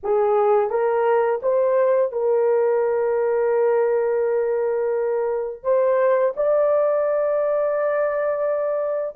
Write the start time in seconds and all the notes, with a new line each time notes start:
0.03 G#4
0.70 A#4
1.42 C5
2.12 A#4
5.63 C5
6.36 D5